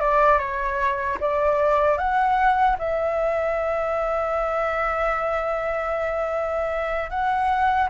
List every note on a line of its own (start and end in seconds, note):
0.00 0.38 D5
0.38 1.17 C#5
1.20 1.98 D5
1.98 2.77 F#5
2.78 7.10 E5
7.10 7.89 F#5